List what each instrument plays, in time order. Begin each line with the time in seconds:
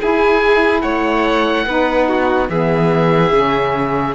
0.00 saxophone E4, cello E4, violin G#4, oboe G#5
0.81 cello A3, violin C#5, oboe F#5
1.66 cello B3, saxophone D#4, violin B4
2.08 violin F#4
2.49 cello E3, saxophone B3, violin G#4, oboe E5
3.32 cello C#3, saxophone C#4